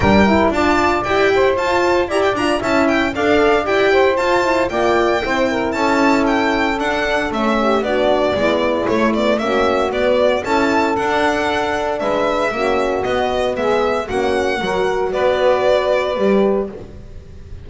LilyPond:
<<
  \new Staff \with { instrumentName = "violin" } { \time 4/4 \tempo 4 = 115 g''4 a''4 g''4 a''4 | ais''16 g''16 ais''8 a''8 g''8 f''4 g''4 | a''4 g''2 a''4 | g''4 fis''4 e''4 d''4~ |
d''4 cis''8 d''8 e''4 d''4 | a''4 fis''2 e''4~ | e''4 dis''4 e''4 fis''4~ | fis''4 d''2. | }
  \new Staff \with { instrumentName = "saxophone" } { \time 4/4 ais'4 d''4. c''4. | d''4 e''4 d''4. c''8~ | c''4 d''4 c''8 ais'8 a'4~ | a'2~ a'8 g'8 fis'4 |
e'2 fis'2 | a'2. b'4 | fis'2 gis'4 fis'4 | ais'4 b'2. | }
  \new Staff \with { instrumentName = "horn" } { \time 4/4 d'8 e'8 f'4 g'4 f'4 | g'8 f'8 e'4 a'4 g'4 | f'8 e'8 f'4 e'2~ | e'4 d'4 cis'4 d'4 |
b4 a8 b8 cis'4 b4 | e'4 d'2. | cis'4 b2 cis'4 | fis'2. g'4 | }
  \new Staff \with { instrumentName = "double bass" } { \time 4/4 g4 d'4 e'4 f'4 | e'8 d'8 cis'4 d'4 e'4 | f'4 ais4 c'4 cis'4~ | cis'4 d'4 a4 b4 |
gis4 a4 ais4 b4 | cis'4 d'2 gis4 | ais4 b4 gis4 ais4 | fis4 b2 g4 | }
>>